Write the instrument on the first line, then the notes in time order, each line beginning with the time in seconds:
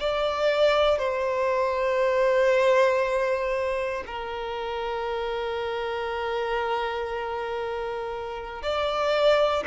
violin
0.00 D5
0.98 C5
4.06 A#4
8.62 D5